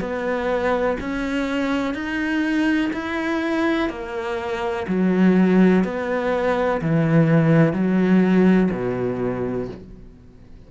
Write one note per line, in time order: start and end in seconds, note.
0.00 0.97 B3
1.00 1.94 C#4
1.94 2.91 D#4
2.93 3.90 E4
3.90 4.87 A#3
4.88 5.84 F#3
5.84 6.81 B3
6.81 7.73 E3
7.73 8.70 F#3
8.72 9.69 B2